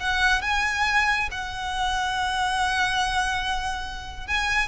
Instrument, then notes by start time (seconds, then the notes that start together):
violin
0.00 F#5
0.42 G#5
1.32 F#5
4.27 G#5